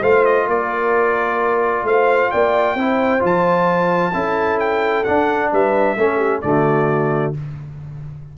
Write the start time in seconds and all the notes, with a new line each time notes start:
0.00 A3 F4 C5 F5
0.25 D#5
0.47 A#3 A#4 D5
1.83 A3 C5 F5
2.31 A#3 D5 G5
2.75 C4 E4 C5
3.20 F3 F4 A5
4.13 C#4 E4 A4
4.59 G5
5.04 D4 F#5
5.52 G3 B4 E5
5.97 A3 C#4 A4
6.17 G4
6.41 D3 A3 F#4 D5